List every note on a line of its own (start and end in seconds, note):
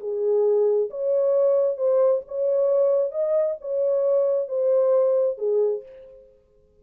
0.00 0.90 G#4
0.90 1.77 C#5
1.77 2.22 C5
2.28 3.11 C#5
3.11 3.56 D#5
3.61 4.48 C#5
4.48 5.38 C5
5.38 5.82 G#4